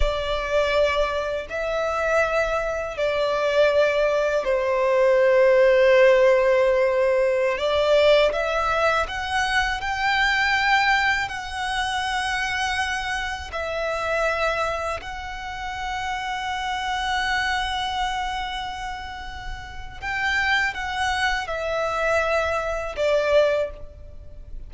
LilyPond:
\new Staff \with { instrumentName = "violin" } { \time 4/4 \tempo 4 = 81 d''2 e''2 | d''2 c''2~ | c''2~ c''16 d''4 e''8.~ | e''16 fis''4 g''2 fis''8.~ |
fis''2~ fis''16 e''4.~ e''16~ | e''16 fis''2.~ fis''8.~ | fis''2. g''4 | fis''4 e''2 d''4 | }